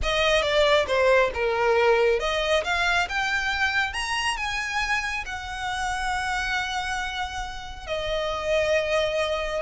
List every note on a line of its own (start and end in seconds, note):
0.02 0.42 D#5
0.42 0.85 D5
0.87 1.31 C5
1.34 2.19 A#4
2.19 2.63 D#5
2.64 3.08 F5
3.08 3.93 G5
3.93 4.37 A#5
4.37 5.24 G#5
5.25 7.86 F#5
7.86 9.62 D#5